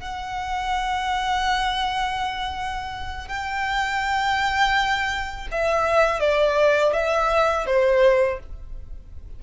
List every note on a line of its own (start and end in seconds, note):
0.00 3.29 F#5
3.29 5.48 G5
5.52 6.20 E5
6.20 6.93 D5
6.93 7.66 E5
7.66 8.39 C5